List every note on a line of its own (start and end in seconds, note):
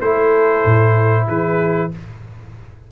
0.00 0.64 A3
0.00 1.92 E4
0.00 1.26 A4
0.00 1.27 C5
0.65 1.28 A2
1.28 1.91 E3
1.28 1.91 G#4
1.28 1.92 B4